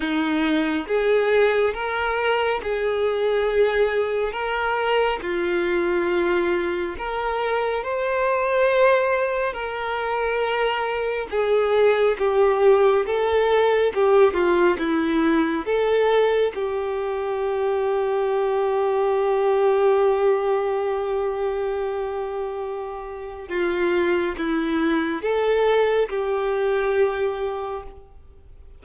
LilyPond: \new Staff \with { instrumentName = "violin" } { \time 4/4 \tempo 4 = 69 dis'4 gis'4 ais'4 gis'4~ | gis'4 ais'4 f'2 | ais'4 c''2 ais'4~ | ais'4 gis'4 g'4 a'4 |
g'8 f'8 e'4 a'4 g'4~ | g'1~ | g'2. f'4 | e'4 a'4 g'2 | }